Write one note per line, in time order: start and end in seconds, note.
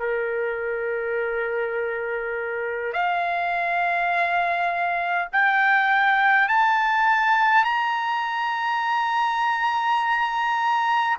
0.00 2.94 A#4
2.94 5.29 F5
5.33 6.49 G5
6.49 7.65 A5
7.65 11.18 A#5